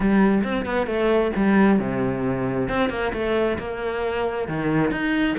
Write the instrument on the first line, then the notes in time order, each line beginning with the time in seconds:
cello
0.00 G3
0.43 C4
0.65 B3
0.86 A3
1.36 G3
1.79 C3
2.68 C4
2.89 A#3
3.13 A3
3.58 A#3
4.48 D#3
4.91 D#4